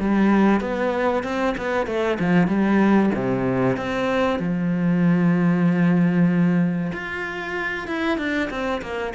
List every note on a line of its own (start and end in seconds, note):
0.00 0.61 G3
0.61 1.24 B3
1.24 1.55 C4
1.58 1.87 B3
1.87 2.18 A3
2.20 2.48 F3
2.48 3.11 G3
3.16 3.77 C3
3.77 4.40 C4
4.40 6.92 F3
6.93 7.88 F4
7.88 8.18 E4
8.18 8.50 D4
8.50 8.82 C4
8.82 9.14 A#3